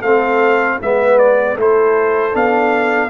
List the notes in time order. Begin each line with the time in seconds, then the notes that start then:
0.00 A3 C4 A4 F5
0.81 G#3 B3 B4 E5
1.19 D5
1.55 A3 E4 A4 C5
2.33 B3 D4 F5